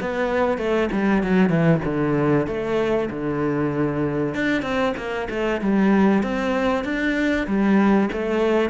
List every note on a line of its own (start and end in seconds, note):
0.00 0.57 B3
0.57 0.89 A3
0.91 1.22 G3
1.22 1.49 F#3
1.49 1.80 E3
1.84 2.47 D3
2.47 3.09 A3
3.10 4.34 D3
4.34 4.62 D4
4.62 4.93 C4
4.97 5.28 A#3
5.30 5.61 A3
5.61 6.23 G3
6.23 6.84 C4
6.84 7.46 D4
7.47 8.09 G3
8.12 8.70 A3